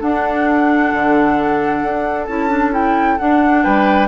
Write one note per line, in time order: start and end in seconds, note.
0.00 2.27 D4
0.00 0.92 D4
0.00 3.63 A4
0.00 2.26 F#5
0.92 1.83 D3
1.83 2.28 D4
2.26 3.19 C#4
2.26 2.49 E4
2.26 2.72 A5
2.49 2.72 D4
2.72 3.18 E4
2.72 3.18 G5
3.18 4.08 D4
3.18 3.66 D4
3.18 3.64 F#5
3.63 4.08 G3
3.63 4.08 B4
3.63 4.08 G5